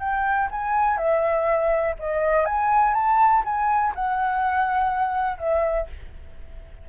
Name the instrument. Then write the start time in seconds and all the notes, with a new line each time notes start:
flute
0.00 G5
0.51 G#5
0.98 E5
1.99 D#5
2.46 G#5
2.94 A5
3.45 G#5
3.95 F#5
5.39 E5